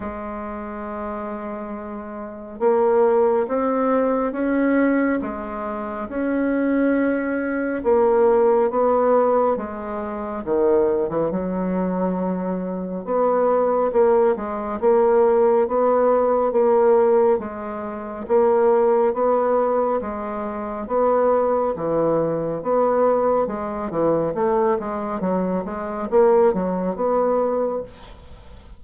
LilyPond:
\new Staff \with { instrumentName = "bassoon" } { \time 4/4 \tempo 4 = 69 gis2. ais4 | c'4 cis'4 gis4 cis'4~ | cis'4 ais4 b4 gis4 | dis8. e16 fis2 b4 |
ais8 gis8 ais4 b4 ais4 | gis4 ais4 b4 gis4 | b4 e4 b4 gis8 e8 | a8 gis8 fis8 gis8 ais8 fis8 b4 | }